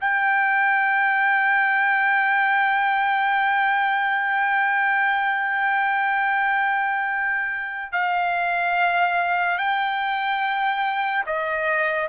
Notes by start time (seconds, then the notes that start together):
0.00 G5
7.92 F5
9.57 G5
11.26 D#5